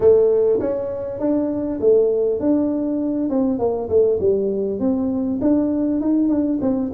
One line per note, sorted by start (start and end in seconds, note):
0.00 0.59 A3
0.60 1.19 C#4
1.19 1.79 D4
1.80 2.40 A3
2.40 3.29 D4
3.29 3.58 C4
3.58 3.88 A#3
3.89 4.19 A3
4.20 4.79 G3
4.79 5.39 C4
5.41 6.00 D4
6.00 6.28 D#4
6.28 6.58 D4
6.61 6.91 C4